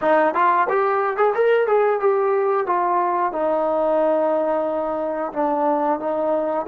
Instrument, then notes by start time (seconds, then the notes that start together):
trombone
0.01 D#4
0.34 F4
0.69 G4
1.16 G#4
1.35 A#4
1.67 G#4
1.99 G4
2.66 F4
3.32 D#4
5.32 D4
5.99 D#4